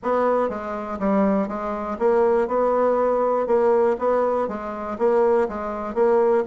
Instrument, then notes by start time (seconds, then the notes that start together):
bassoon
0.02 B3
0.49 G#3
0.99 G3
1.48 G#3
1.98 A#3
2.47 B3
3.47 A#3
3.98 B3
4.47 G#3
4.98 A#3
5.48 G#3
5.94 A#3